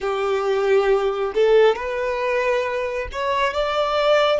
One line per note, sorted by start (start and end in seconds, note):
0.00 1.33 G4
1.34 1.75 A4
1.75 3.08 B4
3.12 3.53 C#5
3.53 4.40 D5